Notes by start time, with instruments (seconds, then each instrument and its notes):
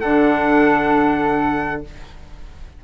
0.00 bassoon D3, clarinet D4, flute A4, trumpet F#5